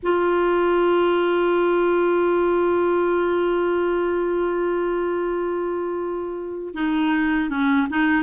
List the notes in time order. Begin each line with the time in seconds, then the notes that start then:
0.02 F4
6.74 D#4
7.49 C#4
7.90 D#4